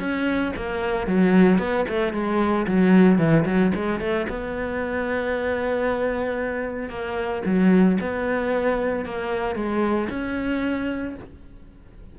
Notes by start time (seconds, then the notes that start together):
0.00 C#4
0.56 A#3
1.08 F#3
1.59 B3
1.89 A3
2.14 G#3
2.67 F#3
3.19 E3
3.46 F#3
3.76 G#3
4.01 A3
4.30 B3
6.90 A#3
7.46 F#3
8.01 B3
9.06 A#3
9.56 G#3
10.10 C#4